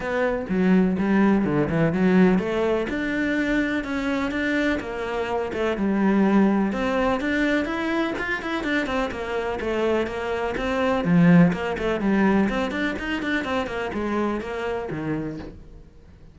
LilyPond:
\new Staff \with { instrumentName = "cello" } { \time 4/4 \tempo 4 = 125 b4 fis4 g4 d8 e8 | fis4 a4 d'2 | cis'4 d'4 ais4. a8 | g2 c'4 d'4 |
e'4 f'8 e'8 d'8 c'8 ais4 | a4 ais4 c'4 f4 | ais8 a8 g4 c'8 d'8 dis'8 d'8 | c'8 ais8 gis4 ais4 dis4 | }